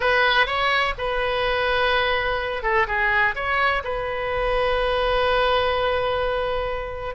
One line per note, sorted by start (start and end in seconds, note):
0.00 0.46 B4
0.46 0.94 C#5
0.98 2.63 B4
2.63 2.86 A4
2.87 3.34 G#4
3.35 3.82 C#5
3.84 7.15 B4